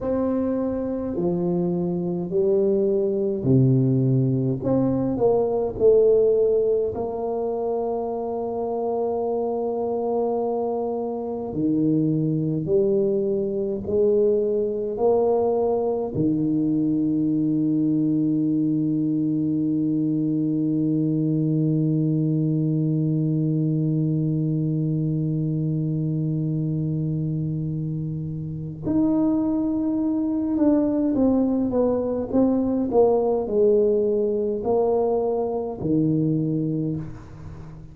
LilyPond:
\new Staff \with { instrumentName = "tuba" } { \time 4/4 \tempo 4 = 52 c'4 f4 g4 c4 | c'8 ais8 a4 ais2~ | ais2 dis4 g4 | gis4 ais4 dis2~ |
dis1~ | dis1~ | dis4 dis'4. d'8 c'8 b8 | c'8 ais8 gis4 ais4 dis4 | }